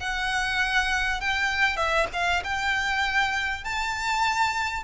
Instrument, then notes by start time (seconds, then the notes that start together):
violin
0.00 F#5
1.21 G5
1.77 E5
2.13 F5
2.44 G5
3.64 A5